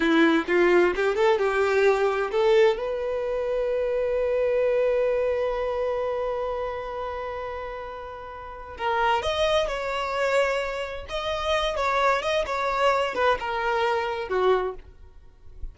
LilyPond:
\new Staff \with { instrumentName = "violin" } { \time 4/4 \tempo 4 = 130 e'4 f'4 g'8 a'8 g'4~ | g'4 a'4 b'2~ | b'1~ | b'1~ |
b'2. ais'4 | dis''4 cis''2. | dis''4. cis''4 dis''8 cis''4~ | cis''8 b'8 ais'2 fis'4 | }